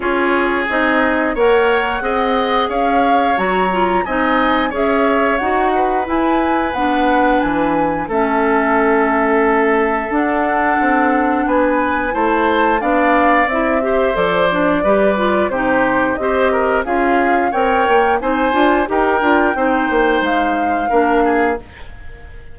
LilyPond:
<<
  \new Staff \with { instrumentName = "flute" } { \time 4/4 \tempo 4 = 89 cis''4 dis''4 fis''2 | f''4 ais''4 gis''4 e''4 | fis''4 gis''4 fis''4 gis''4 | e''2. fis''4~ |
fis''4 gis''4 a''4 f''4 | e''4 d''2 c''4 | dis''4 f''4 g''4 gis''4 | g''2 f''2 | }
  \new Staff \with { instrumentName = "oboe" } { \time 4/4 gis'2 cis''4 dis''4 | cis''2 dis''4 cis''4~ | cis''8 b'2.~ b'8 | a'1~ |
a'4 b'4 c''4 d''4~ | d''8 c''4. b'4 g'4 | c''8 ais'8 gis'4 cis''4 c''4 | ais'4 c''2 ais'8 gis'8 | }
  \new Staff \with { instrumentName = "clarinet" } { \time 4/4 f'4 dis'4 ais'4 gis'4~ | gis'4 fis'8 f'8 dis'4 gis'4 | fis'4 e'4 d'2 | cis'2. d'4~ |
d'2 e'4 d'4 | e'8 g'8 a'8 d'8 g'8 f'8 dis'4 | g'4 f'4 ais'4 dis'8 f'8 | g'8 f'8 dis'2 d'4 | }
  \new Staff \with { instrumentName = "bassoon" } { \time 4/4 cis'4 c'4 ais4 c'4 | cis'4 fis4 c'4 cis'4 | dis'4 e'4 b4 e4 | a2. d'4 |
c'4 b4 a4 b4 | c'4 f4 g4 c4 | c'4 cis'4 c'8 ais8 c'8 d'8 | dis'8 d'8 c'8 ais8 gis4 ais4 | }
>>